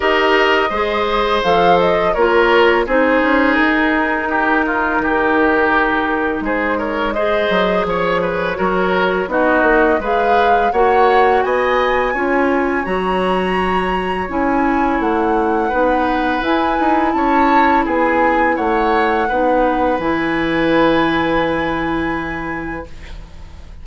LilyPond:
<<
  \new Staff \with { instrumentName = "flute" } { \time 4/4 \tempo 4 = 84 dis''2 f''8 dis''8 cis''4 | c''4 ais'2.~ | ais'4 c''8 cis''8 dis''4 cis''4~ | cis''4 dis''4 f''4 fis''4 |
gis''2 ais''2 | gis''4 fis''2 gis''4 | a''4 gis''4 fis''2 | gis''1 | }
  \new Staff \with { instrumentName = "oboe" } { \time 4/4 ais'4 c''2 ais'4 | gis'2 g'8 f'8 g'4~ | g'4 gis'8 ais'8 c''4 cis''8 b'8 | ais'4 fis'4 b'4 cis''4 |
dis''4 cis''2.~ | cis''2 b'2 | cis''4 gis'4 cis''4 b'4~ | b'1 | }
  \new Staff \with { instrumentName = "clarinet" } { \time 4/4 g'4 gis'4 a'4 f'4 | dis'1~ | dis'2 gis'2 | fis'4 dis'4 gis'4 fis'4~ |
fis'4 f'4 fis'2 | e'2 dis'4 e'4~ | e'2. dis'4 | e'1 | }
  \new Staff \with { instrumentName = "bassoon" } { \time 4/4 dis'4 gis4 f4 ais4 | c'8 cis'8 dis'2 dis4~ | dis4 gis4. fis8 f4 | fis4 b8 ais8 gis4 ais4 |
b4 cis'4 fis2 | cis'4 a4 b4 e'8 dis'8 | cis'4 b4 a4 b4 | e1 | }
>>